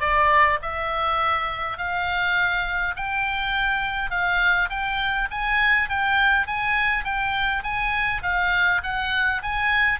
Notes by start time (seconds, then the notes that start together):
0.00 D5
0.62 E5
1.78 F5
2.96 G5
4.10 F5
4.70 G5
5.30 G#5
5.89 G5
6.47 G#5
7.04 G5
7.63 G#5
8.22 F5
8.83 F#5
9.42 G#5